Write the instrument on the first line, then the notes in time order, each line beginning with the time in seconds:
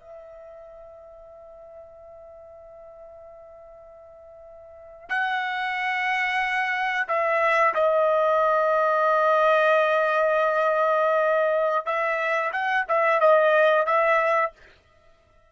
trumpet
0.00 E5
5.09 F#5
7.08 E5
7.75 D#5
11.86 E5
12.53 F#5
12.89 E5
13.20 D#5
13.86 E5